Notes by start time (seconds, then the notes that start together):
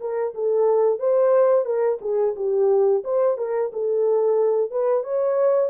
0.00 A#4
0.34 A4
0.99 C5
1.65 A#4
2.01 G#4
2.35 G4
3.04 C5
3.37 A#4
3.73 A4
4.70 B4
5.03 C#5